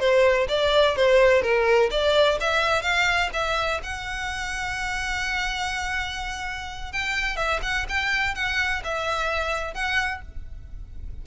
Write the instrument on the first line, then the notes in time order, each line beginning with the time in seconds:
violin
0.00 C5
0.49 D5
0.97 C5
1.42 A#4
1.91 D5
2.41 E5
2.83 F5
3.34 E5
3.84 F#5
6.93 G5
7.37 E5
7.63 F#5
7.89 G5
8.35 F#5
8.84 E5
9.74 F#5